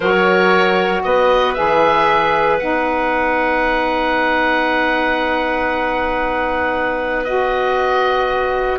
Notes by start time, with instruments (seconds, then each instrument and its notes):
0.00 bassoon F#3, saxophone F#4, clarinet A#4, oboe C#5
1.03 bassoon B3, clarinet B4, oboe D#5
1.53 bassoon E3, saxophone G#4, oboe E5
2.59 bassoon B3, saxophone D#4, oboe F#5
7.24 saxophone F#4, oboe D#5